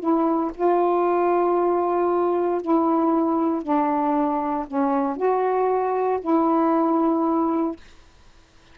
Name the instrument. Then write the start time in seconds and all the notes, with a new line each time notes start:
saxophone
0.00 E4
0.55 F4
2.62 E4
3.63 D4
4.67 C#4
5.17 F#4
6.22 E4